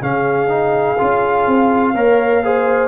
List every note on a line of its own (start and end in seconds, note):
0.00 0.98 C#3
0.00 0.48 C#4
0.00 1.94 G#4
0.00 2.88 F5
0.48 0.97 D#4
0.98 1.47 C#4
0.98 1.95 F4
1.47 1.94 C4
1.94 2.88 A#3
1.94 2.43 A#4
1.94 2.43 C#5
2.44 2.88 G#4
2.44 2.88 C5